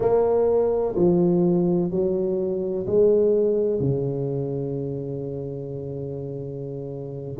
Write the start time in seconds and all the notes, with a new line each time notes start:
0.00 A#3
0.95 F3
1.90 F#3
2.86 G#3
3.80 C#3